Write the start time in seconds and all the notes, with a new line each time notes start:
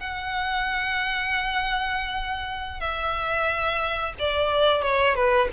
0.00 F#5
2.80 E5
4.19 D5
4.82 C#5
5.15 B4